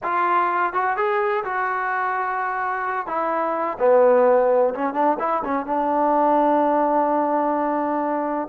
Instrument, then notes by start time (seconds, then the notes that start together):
trombone
0.03 F4
0.73 F#4
0.97 G#4
1.44 F#4
3.06 E4
3.79 B3
4.74 C#4
4.93 D4
5.19 E4
5.44 C#4
5.65 D4